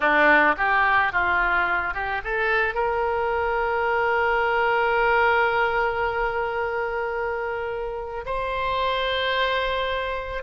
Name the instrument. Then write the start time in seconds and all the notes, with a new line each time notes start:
oboe
0.00 D4
0.57 G4
1.12 F4
1.94 G4
2.24 A4
2.74 A#4
8.25 C5